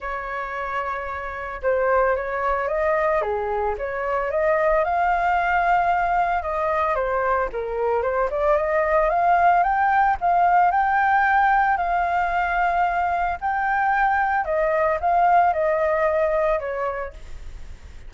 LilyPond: \new Staff \with { instrumentName = "flute" } { \time 4/4 \tempo 4 = 112 cis''2. c''4 | cis''4 dis''4 gis'4 cis''4 | dis''4 f''2. | dis''4 c''4 ais'4 c''8 d''8 |
dis''4 f''4 g''4 f''4 | g''2 f''2~ | f''4 g''2 dis''4 | f''4 dis''2 cis''4 | }